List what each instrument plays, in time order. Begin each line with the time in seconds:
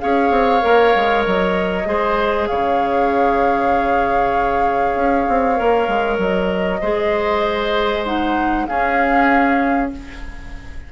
0.00 bassoon C#4, clarinet G#4, oboe C#5, flute F5
0.31 bassoon C4
0.61 bassoon A#3, clarinet A#4
0.96 bassoon G#3
1.24 bassoon F#3, flute D#5
1.85 bassoon G#3, clarinet G#4, oboe C5
2.47 bassoon C#3, oboe C#5, flute F5
4.95 bassoon C#4
5.29 bassoon C4
5.56 bassoon A#3, clarinet A#4
5.88 bassoon G#3
6.18 bassoon F#3, flute D#5
6.81 bassoon G#3, clarinet G#4, oboe C5
8.05 clarinet D#4, flute F#5
8.66 clarinet C#4, bassoon C#4, oboe G#4, flute F5